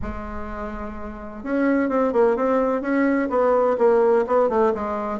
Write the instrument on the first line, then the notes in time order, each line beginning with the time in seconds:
bassoon
0.02 G#3
1.43 C#4
1.89 C4
2.12 A#3
2.36 C4
2.81 C#4
3.29 B3
3.78 A#3
4.26 B3
4.49 A3
4.74 G#3